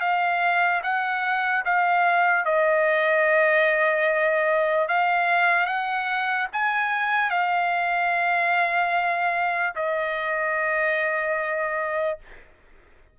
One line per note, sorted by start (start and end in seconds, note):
0.00 0.81 F5
0.83 1.64 F#5
1.65 2.45 F5
2.45 4.88 D#5
4.88 5.66 F5
5.66 6.47 F#5
6.52 7.30 G#5
7.30 9.73 F5
9.75 12.18 D#5